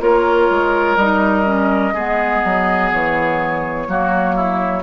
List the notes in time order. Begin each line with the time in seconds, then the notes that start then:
0.00 A#3 F4 A#4 C#5
0.50 G#3
0.96 G3 D#4 D#5
1.45 C#4
1.94 G#3 B3 G#4
2.44 F#3
2.92 E3 C#5
3.87 F#3 A#3 F#4
4.35 E4